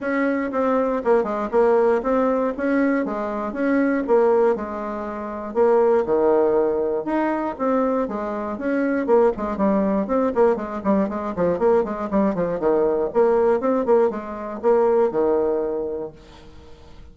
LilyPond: \new Staff \with { instrumentName = "bassoon" } { \time 4/4 \tempo 4 = 119 cis'4 c'4 ais8 gis8 ais4 | c'4 cis'4 gis4 cis'4 | ais4 gis2 ais4 | dis2 dis'4 c'4 |
gis4 cis'4 ais8 gis8 g4 | c'8 ais8 gis8 g8 gis8 f8 ais8 gis8 | g8 f8 dis4 ais4 c'8 ais8 | gis4 ais4 dis2 | }